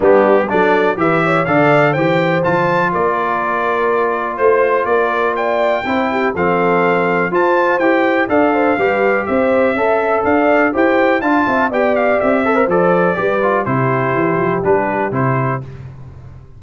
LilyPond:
<<
  \new Staff \with { instrumentName = "trumpet" } { \time 4/4 \tempo 4 = 123 g'4 d''4 e''4 f''4 | g''4 a''4 d''2~ | d''4 c''4 d''4 g''4~ | g''4 f''2 a''4 |
g''4 f''2 e''4~ | e''4 f''4 g''4 a''4 | g''8 f''8 e''4 d''2 | c''2 b'4 c''4 | }
  \new Staff \with { instrumentName = "horn" } { \time 4/4 d'4 a'4 b'8 cis''8 d''4 | c''2 ais'2~ | ais'4 c''4 ais'4 d''4 | c''8 g'8 a'2 c''4~ |
c''4 d''8 c''8 b'4 c''4 | e''4 d''4 c''4 f''8 e''8 | d''4. c''4. b'4 | g'1 | }
  \new Staff \with { instrumentName = "trombone" } { \time 4/4 b4 d'4 g'4 a'4 | g'4 f'2.~ | f'1 | e'4 c'2 f'4 |
g'4 a'4 g'2 | a'2 g'4 f'4 | g'4. a'16 ais'16 a'4 g'8 f'8 | e'2 d'4 e'4 | }
  \new Staff \with { instrumentName = "tuba" } { \time 4/4 g4 fis4 e4 d4 | e4 f4 ais2~ | ais4 a4 ais2 | c'4 f2 f'4 |
e'4 d'4 g4 c'4 | cis'4 d'4 e'4 d'8 c'8 | b4 c'4 f4 g4 | c4 e8 f8 g4 c4 | }
>>